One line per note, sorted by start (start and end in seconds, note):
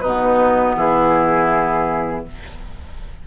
0.00 0.76 B2
0.00 2.27 B3
0.00 0.76 D#4
0.00 0.74 B4
0.76 2.24 E3
0.76 2.24 E4
0.76 2.25 G#4